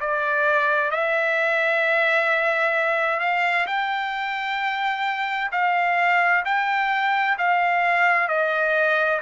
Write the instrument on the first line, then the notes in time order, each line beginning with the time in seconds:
trumpet
0.00 D5
0.91 E5
3.20 F5
3.66 G5
5.51 F5
6.45 G5
7.38 F5
8.28 D#5